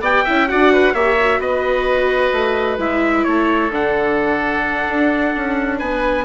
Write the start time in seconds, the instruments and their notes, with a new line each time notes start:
0.00 bassoon B3, viola G4, oboe D5, trumpet G5
0.24 bassoon C#4, viola E4, oboe E5
0.48 bassoon D4, viola F#4, oboe D5, trumpet F#5
0.72 oboe B4
0.93 bassoon A#3, viola G4, oboe C#5, trumpet E5
1.20 viola F#4
1.39 bassoon B3, oboe B4, trumpet D#5
2.32 bassoon A3
2.78 bassoon G#3, viola E4, trumpet E5
3.24 bassoon A3, oboe A4, trumpet C#5
3.70 bassoon D3, viola D4, trumpet F#5
4.88 bassoon D4
5.36 bassoon C#4
5.79 bassoon B3, oboe B4, trumpet G#5